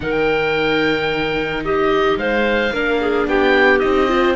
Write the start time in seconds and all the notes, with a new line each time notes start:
0.00 D#3 D#4 A#4 G5
1.64 G4 D#5
2.16 G#3 C5 F5
2.72 A#3 D4 A#4
3.00 G#4
3.27 B3 G4 G5
3.79 C4 D#4 D#5
4.08 F4 C5